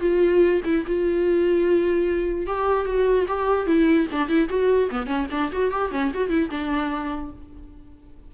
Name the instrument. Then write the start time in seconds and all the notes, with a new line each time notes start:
viola
0.00 F4
0.65 E4
0.86 F4
2.46 G4
2.85 F#4
3.28 G4
3.66 E4
4.11 D4
4.28 E4
4.49 F#4
4.90 B3
5.06 C#4
5.31 D4
5.52 F#4
5.71 G4
5.91 C#4
6.13 F#4
6.29 E4
6.50 D4